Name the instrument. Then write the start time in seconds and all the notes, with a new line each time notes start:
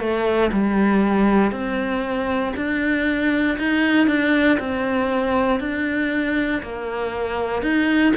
cello
0.00 A3
0.52 G3
1.52 C4
2.56 D4
3.58 D#4
4.07 D4
4.59 C4
5.60 D4
6.62 A#3
7.62 D#4